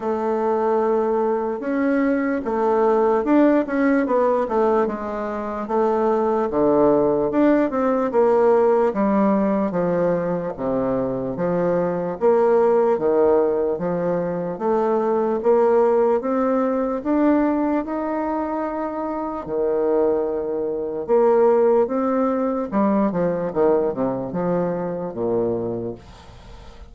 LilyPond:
\new Staff \with { instrumentName = "bassoon" } { \time 4/4 \tempo 4 = 74 a2 cis'4 a4 | d'8 cis'8 b8 a8 gis4 a4 | d4 d'8 c'8 ais4 g4 | f4 c4 f4 ais4 |
dis4 f4 a4 ais4 | c'4 d'4 dis'2 | dis2 ais4 c'4 | g8 f8 dis8 c8 f4 ais,4 | }